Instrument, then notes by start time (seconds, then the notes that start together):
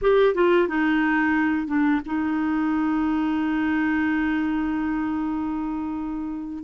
clarinet
0.01 G4
0.34 F4
0.68 D#4
1.67 D4
2.05 D#4